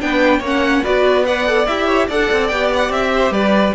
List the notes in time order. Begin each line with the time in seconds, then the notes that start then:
0.00 B3 D4 B4 G5
0.38 A#3 C#4 C#5
0.46 F#5
0.83 B3 F#4 B4 D5
1.25 B4 D5 F#5
1.46 A4
1.66 E4 G4 E5
1.86 C#5
2.07 D4 A4 D5 F#5
2.31 C4
2.47 B3 G4 G5
2.73 F#5
2.89 C4 E5
3.14 C5
3.30 G3 B4 D5